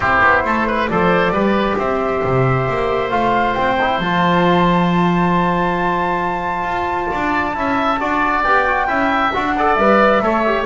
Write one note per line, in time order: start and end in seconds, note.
0.00 0.19 C4
0.00 0.89 E4
0.00 0.42 G4
0.00 0.88 C5
0.22 0.44 B3
0.44 0.88 A3
0.44 0.67 A4
0.67 0.89 B4
0.88 1.30 F3
0.88 1.34 A4
0.88 1.32 C5
0.88 1.77 D5
1.30 1.75 G3
1.30 3.10 G4
1.30 1.77 B4
1.78 2.22 C4
1.78 7.10 C5
1.78 3.10 E5
2.24 2.68 C3
2.69 3.11 A#3
3.10 3.55 A3
3.10 3.76 F4
3.10 3.54 F5
3.54 3.99 C4
3.54 3.98 G5
3.81 4.03 E4
3.99 6.63 F3
3.99 7.54 F4
3.99 8.43 A5
6.63 7.07 F4
7.10 7.56 D4
7.10 7.55 D5
7.54 8.00 C#4
7.54 7.98 E4
7.54 8.00 E5
8.00 8.44 D4
8.00 8.44 F#4
8.00 8.87 D5
8.43 8.87 B3
8.43 8.66 G4
8.43 9.32 G5
8.66 8.87 F#4
8.87 9.32 C#4
8.87 9.32 E4
8.87 9.53 E5
9.32 9.76 D4
9.32 9.56 F#4
9.32 9.74 F#5
9.57 9.79 A4
9.57 10.23 D5
9.74 10.20 G3
9.74 10.22 B4
9.74 10.63 E5
10.21 10.66 A3
10.21 10.44 A4
10.21 10.66 C#5
10.45 10.66 G4